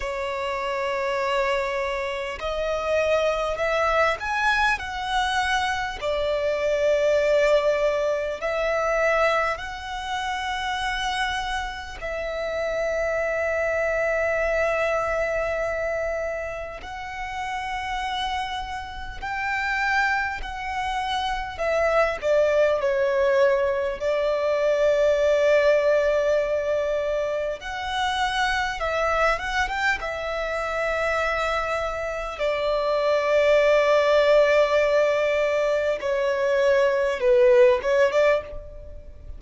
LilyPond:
\new Staff \with { instrumentName = "violin" } { \time 4/4 \tempo 4 = 50 cis''2 dis''4 e''8 gis''8 | fis''4 d''2 e''4 | fis''2 e''2~ | e''2 fis''2 |
g''4 fis''4 e''8 d''8 cis''4 | d''2. fis''4 | e''8 fis''16 g''16 e''2 d''4~ | d''2 cis''4 b'8 cis''16 d''16 | }